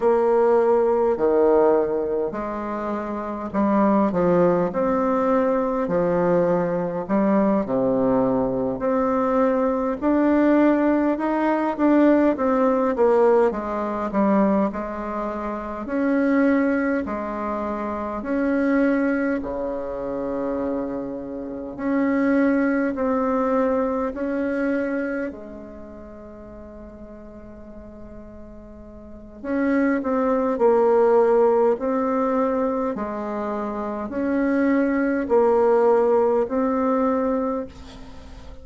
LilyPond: \new Staff \with { instrumentName = "bassoon" } { \time 4/4 \tempo 4 = 51 ais4 dis4 gis4 g8 f8 | c'4 f4 g8 c4 c'8~ | c'8 d'4 dis'8 d'8 c'8 ais8 gis8 | g8 gis4 cis'4 gis4 cis'8~ |
cis'8 cis2 cis'4 c'8~ | c'8 cis'4 gis2~ gis8~ | gis4 cis'8 c'8 ais4 c'4 | gis4 cis'4 ais4 c'4 | }